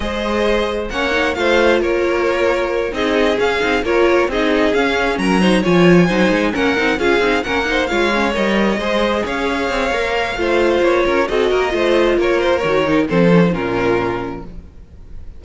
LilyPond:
<<
  \new Staff \with { instrumentName = "violin" } { \time 4/4 \tempo 4 = 133 dis''2 fis''4 f''4 | cis''2~ cis''8 dis''4 f''8~ | f''8 cis''4 dis''4 f''4 ais''8~ | ais''8 gis''2 fis''4 f''8~ |
f''8 fis''4 f''4 dis''4.~ | dis''8 f''2.~ f''8 | cis''4 dis''2 cis''8 c''8 | cis''4 c''4 ais'2 | }
  \new Staff \with { instrumentName = "violin" } { \time 4/4 c''2 cis''4 c''4 | ais'2~ ais'8 gis'4.~ | gis'8 ais'4 gis'2 ais'8 | c''8 cis''4 c''4 ais'4 gis'8~ |
gis'8 ais'8 c''8 cis''2 c''8~ | c''8 cis''2~ cis''8 c''4~ | c''8 ais'8 a'8 ais'8 c''4 ais'4~ | ais'4 a'4 f'2 | }
  \new Staff \with { instrumentName = "viola" } { \time 4/4 gis'2 cis'8 dis'8 f'4~ | f'2~ f'8 dis'4 cis'8 | dis'8 f'4 dis'4 cis'4. | dis'8 f'4 dis'4 cis'8 dis'8 f'8 |
dis'8 cis'8 dis'8 f'8 cis'8 ais'4 gis'8~ | gis'2 ais'4 f'4~ | f'4 fis'4 f'2 | fis'8 dis'8 c'8 cis'16 dis'16 cis'2 | }
  \new Staff \with { instrumentName = "cello" } { \time 4/4 gis2 ais4 a4 | ais2~ ais8 c'4 cis'8 | c'8 ais4 c'4 cis'4 fis8~ | fis8 f4 fis8 gis8 ais8 c'8 cis'8 |
c'8 ais4 gis4 g4 gis8~ | gis8 cis'4 c'8 ais4 a4 | ais8 cis'8 c'8 ais8 a4 ais4 | dis4 f4 ais,2 | }
>>